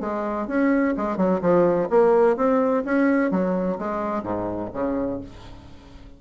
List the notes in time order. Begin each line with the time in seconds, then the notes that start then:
0.00 G#3
0.47 C#4
0.97 G#3
1.17 F#3
1.41 F3
1.89 A#3
2.36 C4
2.85 C#4
3.31 F#3
3.79 G#3
4.23 G#2
4.73 C#3